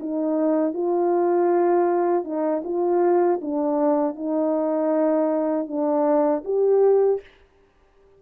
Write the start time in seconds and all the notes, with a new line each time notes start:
0.00 D#4
0.73 F4
2.24 D#4
2.64 F4
3.41 D4
4.16 D#4
5.67 D4
6.45 G4